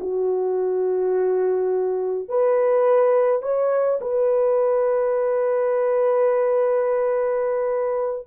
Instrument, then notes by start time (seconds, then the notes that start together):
horn
0.00 F#4
2.28 B4
3.42 C#5
4.01 B4